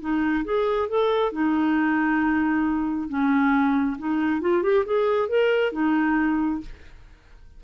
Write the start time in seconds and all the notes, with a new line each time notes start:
0.00 D#4
0.45 G#4
0.89 A4
1.32 D#4
3.09 C#4
3.98 D#4
4.41 F4
4.63 G4
4.85 G#4
5.29 A#4
5.72 D#4